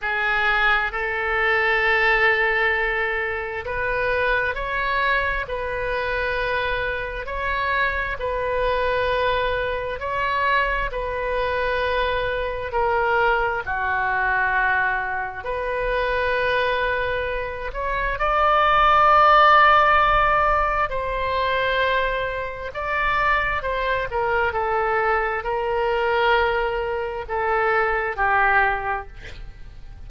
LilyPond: \new Staff \with { instrumentName = "oboe" } { \time 4/4 \tempo 4 = 66 gis'4 a'2. | b'4 cis''4 b'2 | cis''4 b'2 cis''4 | b'2 ais'4 fis'4~ |
fis'4 b'2~ b'8 cis''8 | d''2. c''4~ | c''4 d''4 c''8 ais'8 a'4 | ais'2 a'4 g'4 | }